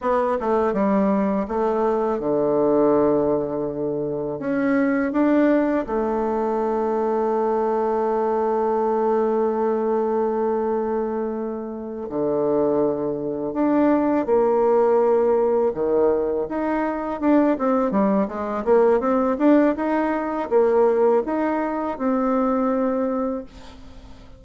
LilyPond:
\new Staff \with { instrumentName = "bassoon" } { \time 4/4 \tempo 4 = 82 b8 a8 g4 a4 d4~ | d2 cis'4 d'4 | a1~ | a1~ |
a8 d2 d'4 ais8~ | ais4. dis4 dis'4 d'8 | c'8 g8 gis8 ais8 c'8 d'8 dis'4 | ais4 dis'4 c'2 | }